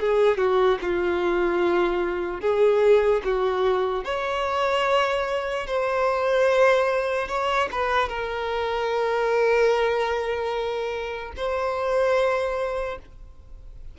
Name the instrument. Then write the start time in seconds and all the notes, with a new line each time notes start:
violin
0.00 G#4
0.38 F#4
0.82 F4
2.41 G#4
3.24 F#4
4.05 C#5
5.67 C5
7.28 C#5
7.72 B4
8.09 A#4
11.36 C5